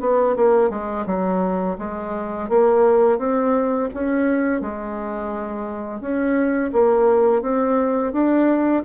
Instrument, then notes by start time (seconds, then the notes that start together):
bassoon
0.00 B3
0.36 A#3
0.70 G#3
1.06 F#3
1.78 G#3
2.49 A#3
3.18 C4
3.93 C#4
4.61 G#3
6.00 C#4
6.73 A#3
7.42 C4
8.12 D4